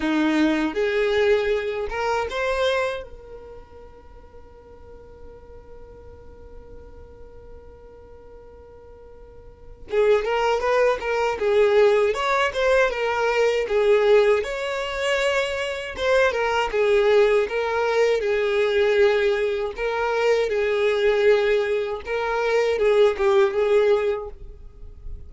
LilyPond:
\new Staff \with { instrumentName = "violin" } { \time 4/4 \tempo 4 = 79 dis'4 gis'4. ais'8 c''4 | ais'1~ | ais'1~ | ais'4 gis'8 ais'8 b'8 ais'8 gis'4 |
cis''8 c''8 ais'4 gis'4 cis''4~ | cis''4 c''8 ais'8 gis'4 ais'4 | gis'2 ais'4 gis'4~ | gis'4 ais'4 gis'8 g'8 gis'4 | }